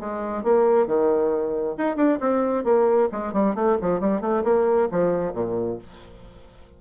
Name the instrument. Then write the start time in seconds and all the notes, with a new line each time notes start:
bassoon
0.00 G#3
0.44 A#3
0.87 D#3
1.78 D#4
1.97 D4
2.20 C4
2.65 A#3
3.12 G#3
3.33 G3
3.55 A3
3.81 F3
4.00 G3
4.21 A3
4.44 A#3
4.92 F3
5.34 A#2